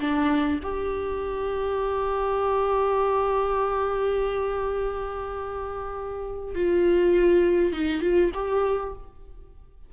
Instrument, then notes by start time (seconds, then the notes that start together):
viola
0.00 D4
0.63 G4
6.55 F4
7.73 D#4
8.01 F4
8.34 G4